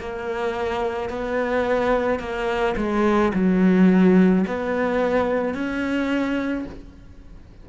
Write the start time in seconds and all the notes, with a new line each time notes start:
0.00 A#3
1.10 B3
2.20 A#3
2.77 G#3
3.34 F#3
4.47 B3
5.55 C#4